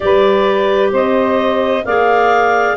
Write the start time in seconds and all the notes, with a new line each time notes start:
0.00 G3 G4 B4 D5
0.91 C4 C5 D#5
1.84 A#3 G#4 D5 F5